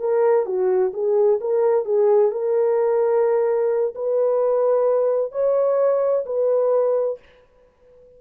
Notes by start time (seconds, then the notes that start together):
0.00 A#4
0.46 F#4
0.93 G#4
1.41 A#4
1.85 G#4
2.32 A#4
3.95 B4
5.32 C#5
6.26 B4